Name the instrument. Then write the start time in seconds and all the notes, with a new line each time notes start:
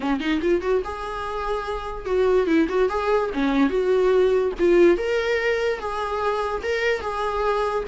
viola
0.00 C#4
0.20 D#4
0.41 F4
0.61 F#4
0.84 G#4
2.05 F#4
2.46 E4
2.69 F#4
2.89 G#4
3.33 C#4
3.69 F#4
4.59 F4
4.97 A#4
5.79 G#4
6.62 A#4
7.00 G#4